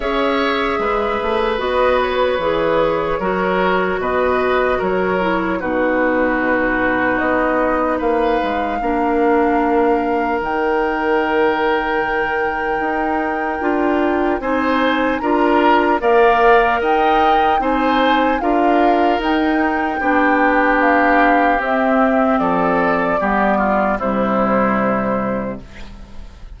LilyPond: <<
  \new Staff \with { instrumentName = "flute" } { \time 4/4 \tempo 4 = 75 e''2 dis''8 cis''4.~ | cis''4 dis''4 cis''4 b'4~ | b'4 dis''4 f''2~ | f''4 g''2.~ |
g''2 gis''4 ais''4 | f''4 g''4 gis''4 f''4 | g''2 f''4 e''4 | d''2 c''2 | }
  \new Staff \with { instrumentName = "oboe" } { \time 4/4 cis''4 b'2. | ais'4 b'4 ais'4 fis'4~ | fis'2 b'4 ais'4~ | ais'1~ |
ais'2 c''4 ais'4 | d''4 dis''4 c''4 ais'4~ | ais'4 g'2. | a'4 g'8 f'8 e'2 | }
  \new Staff \with { instrumentName = "clarinet" } { \time 4/4 gis'2 fis'4 gis'4 | fis'2~ fis'8 e'8 dis'4~ | dis'2. d'4~ | d'4 dis'2.~ |
dis'4 f'4 dis'4 f'4 | ais'2 dis'4 f'4 | dis'4 d'2 c'4~ | c'4 b4 g2 | }
  \new Staff \with { instrumentName = "bassoon" } { \time 4/4 cis'4 gis8 a8 b4 e4 | fis4 b,4 fis4 b,4~ | b,4 b4 ais8 gis8 ais4~ | ais4 dis2. |
dis'4 d'4 c'4 d'4 | ais4 dis'4 c'4 d'4 | dis'4 b2 c'4 | f4 g4 c2 | }
>>